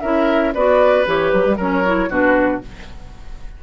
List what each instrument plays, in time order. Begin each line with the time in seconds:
0.00 bassoon C#4, clarinet E4, oboe A#4, flute E5
0.54 bassoon B3, clarinet F#4, oboe B4, flute D5
1.05 bassoon E3, clarinet G4, flute C#5
1.30 bassoon F#3, flute B4
1.45 bassoon G3
1.56 bassoon F#3, clarinet C#4, oboe A#4, flute C#5
1.84 clarinet E4
2.08 bassoon B2, clarinet D4, oboe F#4, flute B4